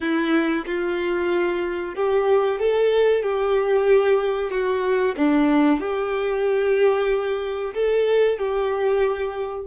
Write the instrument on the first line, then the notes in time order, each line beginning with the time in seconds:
violin
0.00 E4
0.66 F4
1.95 G4
2.59 A4
3.22 G4
4.50 F#4
5.16 D4
5.79 G4
7.74 A4
8.38 G4